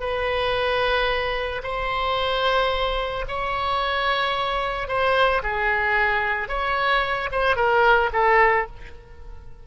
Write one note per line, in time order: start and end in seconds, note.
0.00 1.62 B4
1.63 3.25 C5
3.28 4.88 C#5
4.88 5.42 C5
5.43 6.48 G#4
6.48 7.29 C#5
7.32 7.56 C5
7.56 8.10 A#4
8.13 8.67 A4